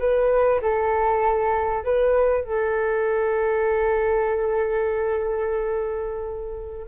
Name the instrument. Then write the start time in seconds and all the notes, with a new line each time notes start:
flute
0.00 B4
0.62 A4
1.85 B4
2.45 A4